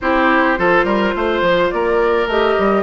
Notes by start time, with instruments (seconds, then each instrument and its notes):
0.00 bassoon C4, clarinet E4, oboe G4, flute C5
0.56 bassoon F3, clarinet F4, oboe A4
0.84 bassoon G3, oboe A#4
1.15 bassoon A3, oboe C5
1.41 bassoon F3
1.70 bassoon A#3, oboe A#4, flute D5
2.26 bassoon A3, clarinet G4, flute D#5
2.58 bassoon G3